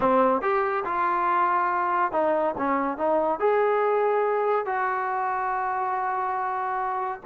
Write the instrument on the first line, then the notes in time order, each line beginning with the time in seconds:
trombone
0.00 C4
0.41 G4
0.84 F4
2.12 D#4
2.57 C#4
2.97 D#4
3.39 G#4
4.65 F#4